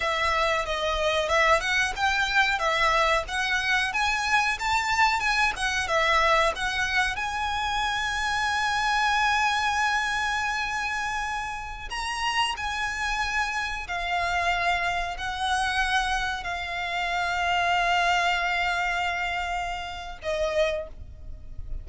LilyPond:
\new Staff \with { instrumentName = "violin" } { \time 4/4 \tempo 4 = 92 e''4 dis''4 e''8 fis''8 g''4 | e''4 fis''4 gis''4 a''4 | gis''8 fis''8 e''4 fis''4 gis''4~ | gis''1~ |
gis''2~ gis''16 ais''4 gis''8.~ | gis''4~ gis''16 f''2 fis''8.~ | fis''4~ fis''16 f''2~ f''8.~ | f''2. dis''4 | }